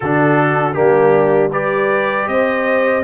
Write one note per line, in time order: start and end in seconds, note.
0.00 0.78 D3
0.00 0.74 D4
0.00 0.76 F#4
0.00 0.73 A4
0.73 2.27 G3
0.73 1.50 A#3
0.73 1.51 D4
0.73 1.49 G4
1.51 3.03 G4
1.51 2.27 B4
1.51 2.28 D5
2.27 3.03 C4
2.27 3.03 C5
2.27 3.03 D#5